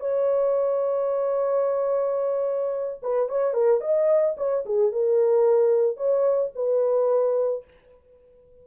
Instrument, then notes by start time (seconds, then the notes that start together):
horn
0.00 C#5
3.02 B4
3.29 C#5
3.54 A#4
3.81 D#5
4.37 C#5
4.65 G#4
4.92 A#4
5.97 C#5
6.55 B4